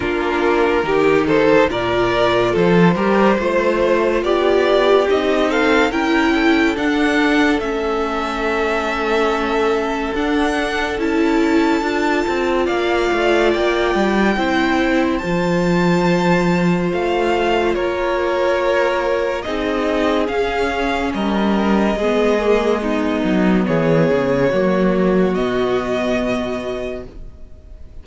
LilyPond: <<
  \new Staff \with { instrumentName = "violin" } { \time 4/4 \tempo 4 = 71 ais'4. c''8 d''4 c''4~ | c''4 d''4 dis''8 f''8 g''4 | fis''4 e''2. | fis''4 a''2 f''4 |
g''2 a''2 | f''4 cis''2 dis''4 | f''4 dis''2. | cis''2 dis''2 | }
  \new Staff \with { instrumentName = "violin" } { \time 4/4 f'4 g'8 a'8 ais'4 a'8 ais'8 | c''4 g'4. a'8 ais'8 a'8~ | a'1~ | a'2. d''4~ |
d''4 c''2.~ | c''4 ais'2 gis'4~ | gis'4 ais'4 gis'4 dis'4 | gis'4 fis'2. | }
  \new Staff \with { instrumentName = "viola" } { \time 4/4 d'4 dis'4 f'4. g'8 | f'2 dis'4 e'4 | d'4 cis'2. | d'4 e'4 f'2~ |
f'4 e'4 f'2~ | f'2. dis'4 | cis'2 b8 ais8 b4~ | b4 ais4 b2 | }
  \new Staff \with { instrumentName = "cello" } { \time 4/4 ais4 dis4 ais,4 f8 g8 | a4 b4 c'4 cis'4 | d'4 a2. | d'4 cis'4 d'8 c'8 ais8 a8 |
ais8 g8 c'4 f2 | a4 ais2 c'4 | cis'4 g4 gis4. fis8 | e8 cis8 fis4 b,2 | }
>>